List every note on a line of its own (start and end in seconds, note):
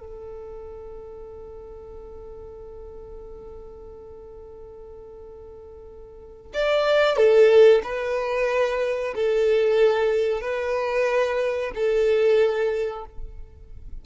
0.00 6.52 A4
6.54 7.17 D5
7.17 7.82 A4
7.83 9.14 B4
9.15 10.41 A4
10.41 11.72 B4
11.75 13.05 A4